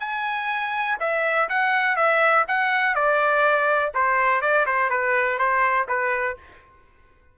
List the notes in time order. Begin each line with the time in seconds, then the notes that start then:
0.00 G#5
1.00 E5
1.49 F#5
1.96 E5
2.48 F#5
2.95 D5
3.94 C5
4.41 D5
4.66 C5
4.90 B4
5.38 C5
5.88 B4